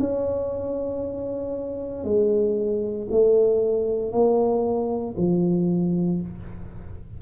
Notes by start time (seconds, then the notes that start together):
0.00 C#4
2.05 G#3
3.11 A3
4.12 A#3
5.18 F3